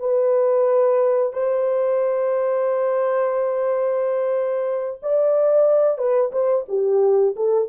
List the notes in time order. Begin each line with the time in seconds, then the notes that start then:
0.00 B4
1.33 C5
5.02 D5
5.98 B4
6.32 C5
6.69 G4
7.36 A4